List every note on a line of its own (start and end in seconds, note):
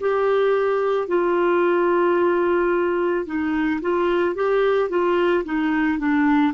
0.00 1.08 G4
1.08 3.25 F4
3.25 3.80 D#4
3.81 4.35 F4
4.35 4.89 G4
4.89 5.43 F4
5.44 5.99 D#4
5.99 6.53 D4